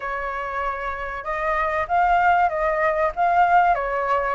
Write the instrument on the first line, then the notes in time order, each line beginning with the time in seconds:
flute
0.00 C#5
1.24 D#5
1.88 F5
2.49 D#5
3.15 F5
3.74 C#5